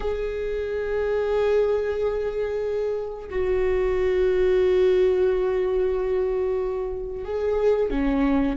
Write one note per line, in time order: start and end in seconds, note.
0.00 3.29 G#4
3.29 7.25 F#4
7.25 7.90 G#4
7.90 8.56 C#4